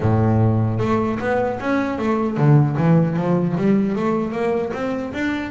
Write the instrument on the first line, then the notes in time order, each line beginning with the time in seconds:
double bass
0.00 A2
0.79 A3
1.19 B3
1.60 C#4
1.98 A3
2.37 D3
2.77 E3
3.16 F3
3.57 G3
3.95 A3
4.32 A#3
4.73 C4
5.13 D4